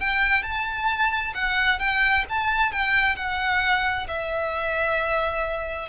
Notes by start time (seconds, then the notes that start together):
0.00 G5
0.43 A5
1.35 F#5
1.79 G5
2.29 A5
2.72 G5
3.16 F#5
4.07 E5